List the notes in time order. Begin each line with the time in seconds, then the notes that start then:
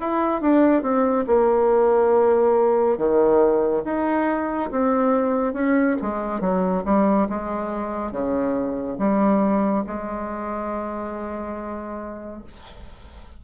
0.00 E4
0.41 D4
0.82 C4
1.27 A#3
2.98 D#3
3.85 D#4
4.71 C4
5.54 C#4
6.02 G#3
6.41 F#3
6.85 G3
7.29 G#3
8.12 C#3
8.98 G3
9.86 G#3